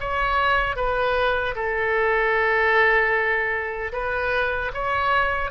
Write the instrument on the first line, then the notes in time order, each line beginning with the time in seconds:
oboe
0.00 C#5
0.75 B4
1.55 A4
3.92 B4
4.73 C#5